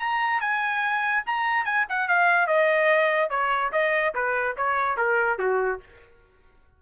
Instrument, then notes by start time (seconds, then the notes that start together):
trumpet
0.00 A#5
0.41 G#5
1.27 A#5
1.66 G#5
1.90 F#5
2.09 F5
2.48 D#5
3.30 C#5
3.73 D#5
4.15 B4
4.57 C#5
4.98 A#4
5.39 F#4